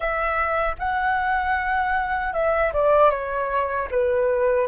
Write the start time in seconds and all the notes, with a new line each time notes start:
0.00 E5
0.78 F#5
2.33 E5
2.73 D5
3.10 C#5
3.91 B4